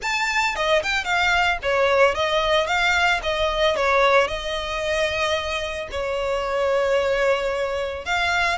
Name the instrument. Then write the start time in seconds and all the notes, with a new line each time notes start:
violin
0.01 A5
0.55 D#5
0.83 G5
1.04 F5
1.62 C#5
2.15 D#5
2.66 F5
3.22 D#5
3.75 C#5
4.27 D#5
5.91 C#5
8.05 F5